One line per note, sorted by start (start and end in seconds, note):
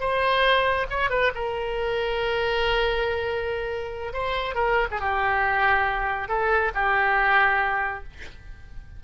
0.00 0.86 C5
0.90 1.10 C#5
1.10 1.31 B4
1.34 4.13 A#4
4.13 4.55 C5
4.55 4.87 A#4
4.91 5.00 G#4
5.00 6.28 G4
6.28 6.71 A4
6.74 8.04 G4